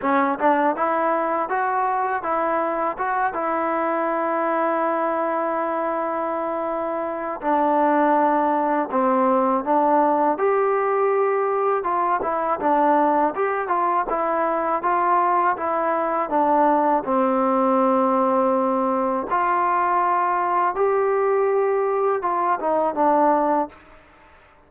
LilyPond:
\new Staff \with { instrumentName = "trombone" } { \time 4/4 \tempo 4 = 81 cis'8 d'8 e'4 fis'4 e'4 | fis'8 e'2.~ e'8~ | e'2 d'2 | c'4 d'4 g'2 |
f'8 e'8 d'4 g'8 f'8 e'4 | f'4 e'4 d'4 c'4~ | c'2 f'2 | g'2 f'8 dis'8 d'4 | }